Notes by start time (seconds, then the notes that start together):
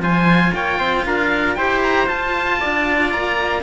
0.00 F3 F4 C5 G#5
0.55 A#3 C#5 G5
0.79 C4 C5
1.06 D4 A#4 F5
1.55 E4 G4 C5 G5
1.83 A#5
2.06 F4 A5
2.60 D4 D5
3.12 A#3 A#5